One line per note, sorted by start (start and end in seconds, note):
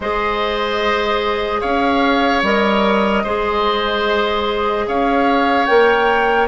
0.00 1.62 G#3
0.00 2.44 G#4
0.00 1.60 C5
0.00 1.61 D#5
1.60 2.42 C#4
1.60 3.22 C#5
1.60 2.42 F5
2.42 3.23 G3
2.42 3.25 A#4
2.42 4.88 D#5
3.23 4.87 G#3
3.23 5.67 G#4
3.23 4.85 C5
4.87 5.68 C#4
4.87 6.47 C#5
4.87 5.65 F5
5.65 6.47 A#3
5.65 6.47 A#4
5.65 6.46 G5